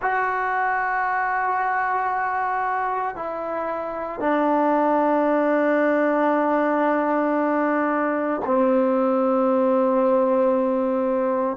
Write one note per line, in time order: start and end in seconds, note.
0.01 3.15 F#4
3.15 4.20 E4
4.20 8.41 D4
8.45 11.56 C4